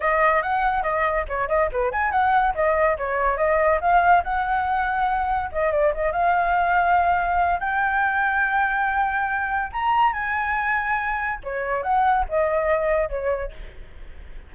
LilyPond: \new Staff \with { instrumentName = "flute" } { \time 4/4 \tempo 4 = 142 dis''4 fis''4 dis''4 cis''8 dis''8 | b'8 gis''8 fis''4 dis''4 cis''4 | dis''4 f''4 fis''2~ | fis''4 dis''8 d''8 dis''8 f''4.~ |
f''2 g''2~ | g''2. ais''4 | gis''2. cis''4 | fis''4 dis''2 cis''4 | }